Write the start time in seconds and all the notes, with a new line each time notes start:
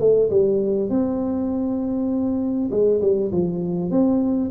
0.00 A3
0.30 G3
0.90 C4
2.71 G#3
3.02 G3
3.32 F3
3.91 C4